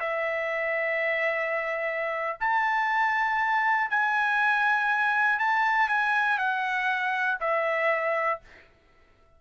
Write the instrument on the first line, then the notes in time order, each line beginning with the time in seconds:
trumpet
0.00 E5
2.40 A5
3.90 G#5
5.39 A5
5.89 G#5
6.38 F#5
7.40 E5